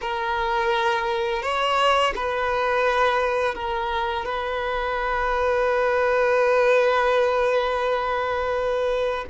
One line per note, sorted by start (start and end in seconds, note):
0.01 1.42 A#4
1.42 2.13 C#5
2.15 3.55 B4
3.55 4.25 A#4
4.25 9.25 B4